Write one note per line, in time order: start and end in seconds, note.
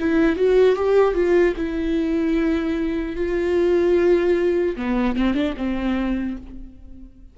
0.00 0.36 E4
0.36 0.76 F#4
0.76 1.15 G4
1.15 1.55 F4
1.57 3.16 E4
3.16 4.76 F4
4.77 5.16 B3
5.16 5.34 C4
5.34 5.54 D4
5.57 6.37 C4